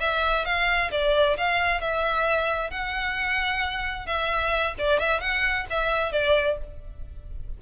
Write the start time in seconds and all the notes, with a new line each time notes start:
0.00 E5
0.45 F5
0.91 D5
1.37 F5
1.81 E5
2.71 F#5
4.07 E5
4.79 D5
5.00 E5
5.20 F#5
5.70 E5
6.12 D5